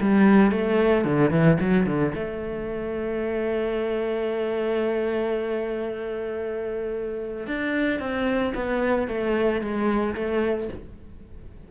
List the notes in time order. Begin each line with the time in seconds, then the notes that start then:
0.00 G3
0.51 A3
1.04 D3
1.30 E3
1.60 F#3
1.86 D3
2.14 A3
7.46 D4
7.99 C4
8.54 B3
9.07 A3
9.61 G#3
10.14 A3